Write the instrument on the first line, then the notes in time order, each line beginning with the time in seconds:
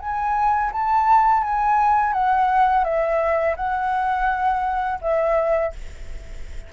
flute
0.00 G#5
0.72 A5
1.43 G#5
2.13 F#5
2.84 E5
3.56 F#5
5.01 E5